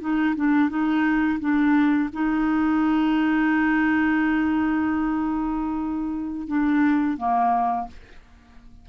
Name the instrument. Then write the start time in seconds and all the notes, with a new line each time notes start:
clarinet
0.00 D#4
0.36 D4
0.69 D#4
1.40 D4
2.13 D#4
6.48 D4
7.17 A#3